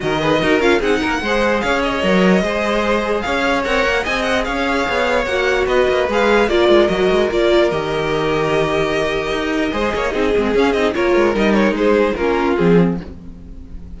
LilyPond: <<
  \new Staff \with { instrumentName = "violin" } { \time 4/4 \tempo 4 = 148 dis''4. f''8 fis''2 | f''8 dis''2.~ dis''8 | f''4 fis''4 gis''8 fis''8 f''4~ | f''4 fis''4 dis''4 f''4 |
d''4 dis''4 d''4 dis''4~ | dis''1~ | dis''2 f''8 dis''8 cis''4 | dis''8 cis''8 c''4 ais'4 gis'4 | }
  \new Staff \with { instrumentName = "violin" } { \time 4/4 ais'8 b'8 ais'4 gis'8 ais'8 c''4 | cis''2 c''2 | cis''2 dis''4 cis''4~ | cis''2 b'2 |
ais'1~ | ais'1 | c''8 cis''8 gis'2 ais'4~ | ais'4 gis'4 f'2 | }
  \new Staff \with { instrumentName = "viola" } { \time 4/4 fis'8 gis'8 fis'8 f'8 dis'4 gis'4~ | gis'4 ais'4 gis'2~ | gis'4 ais'4 gis'2~ | gis'4 fis'2 gis'4 |
f'4 fis'4 f'4 g'4~ | g'1 | gis'4 dis'8 c'8 cis'8 dis'8 f'4 | dis'2 cis'4 c'4 | }
  \new Staff \with { instrumentName = "cello" } { \time 4/4 dis4 dis'8 cis'8 c'8 ais8 gis4 | cis'4 fis4 gis2 | cis'4 c'8 ais8 c'4 cis'4 | b4 ais4 b8 ais8 gis4 |
ais8 gis8 fis8 gis8 ais4 dis4~ | dis2. dis'4 | gis8 ais8 c'8 gis8 cis'8 c'8 ais8 gis8 | g4 gis4 ais4 f4 | }
>>